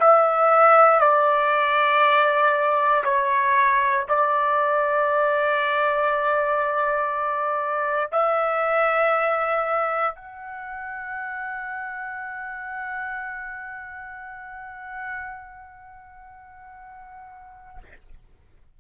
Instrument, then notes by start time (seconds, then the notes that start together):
trumpet
0.00 E5
1.00 D5
3.04 C#5
4.09 D5
8.12 E5
10.16 F#5